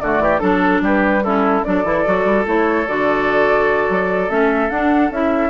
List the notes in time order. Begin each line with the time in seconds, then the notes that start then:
0.00 D3 A3 F#4 D5
0.19 E3 G4
0.39 F#3 D4 A4
0.81 G3 G4 B4
1.23 C#4 E4 A4
1.63 F#3 D4 A4 D5
1.84 E3 E4
2.05 F#3 F#4
2.25 G3
2.45 A3 E4 C#5
2.87 D3 F#4 D5
3.89 F#3
4.29 A3 C#4 E5
4.70 D4 F#5
5.11 C#4 E4 E5